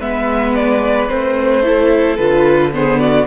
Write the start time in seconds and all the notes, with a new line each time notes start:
0.00 G#3 B3 B4 E5
0.55 D5
1.09 A3 C4 C5
1.62 E4 A4
2.17 D3 F4 B4
2.72 B3 G#4 C5
2.99 F#4 D5